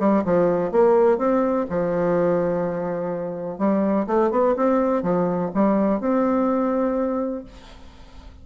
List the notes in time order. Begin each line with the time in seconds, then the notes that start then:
0.00 G3
0.25 F3
0.72 A#3
1.18 C4
1.70 F3
3.59 G3
4.07 A3
4.32 B3
4.57 C4
5.03 F3
5.55 G3
6.01 C4